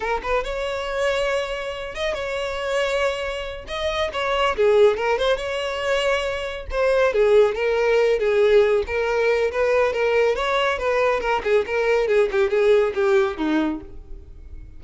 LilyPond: \new Staff \with { instrumentName = "violin" } { \time 4/4 \tempo 4 = 139 ais'8 b'8 cis''2.~ | cis''8 dis''8 cis''2.~ | cis''8 dis''4 cis''4 gis'4 ais'8 | c''8 cis''2. c''8~ |
c''8 gis'4 ais'4. gis'4~ | gis'8 ais'4. b'4 ais'4 | cis''4 b'4 ais'8 gis'8 ais'4 | gis'8 g'8 gis'4 g'4 dis'4 | }